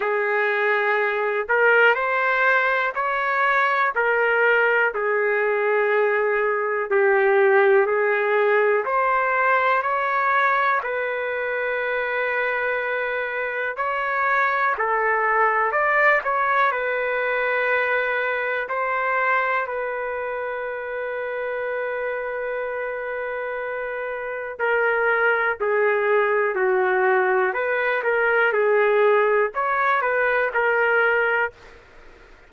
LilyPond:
\new Staff \with { instrumentName = "trumpet" } { \time 4/4 \tempo 4 = 61 gis'4. ais'8 c''4 cis''4 | ais'4 gis'2 g'4 | gis'4 c''4 cis''4 b'4~ | b'2 cis''4 a'4 |
d''8 cis''8 b'2 c''4 | b'1~ | b'4 ais'4 gis'4 fis'4 | b'8 ais'8 gis'4 cis''8 b'8 ais'4 | }